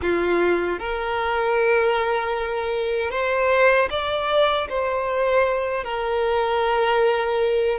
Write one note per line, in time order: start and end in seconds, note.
0.01 0.79 F4
0.79 3.10 A#4
3.10 3.88 C5
3.90 4.68 D5
4.69 5.84 C5
5.84 7.78 A#4